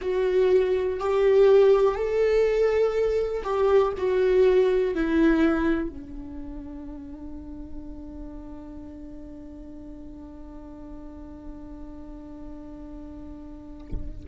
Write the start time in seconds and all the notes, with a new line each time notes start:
0.01 F#4
0.99 G4
1.94 A4
3.43 G4
3.97 F#4
4.94 E4
5.88 D4